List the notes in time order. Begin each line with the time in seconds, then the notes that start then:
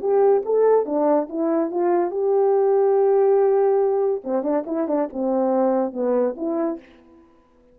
0.00 G4
0.45 A4
0.85 D4
1.29 E4
1.71 F4
2.10 G4
4.24 C4
4.43 D4
4.66 E4
4.87 D4
5.12 C4
5.93 B3
6.36 E4